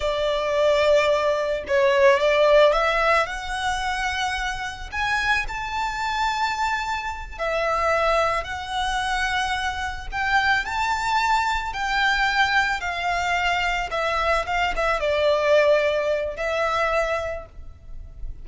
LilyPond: \new Staff \with { instrumentName = "violin" } { \time 4/4 \tempo 4 = 110 d''2. cis''4 | d''4 e''4 fis''2~ | fis''4 gis''4 a''2~ | a''4. e''2 fis''8~ |
fis''2~ fis''8 g''4 a''8~ | a''4. g''2 f''8~ | f''4. e''4 f''8 e''8 d''8~ | d''2 e''2 | }